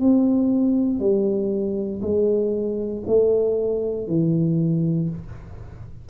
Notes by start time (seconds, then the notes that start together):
0.00 C4
1.00 G3
2.02 G#3
3.07 A3
4.08 E3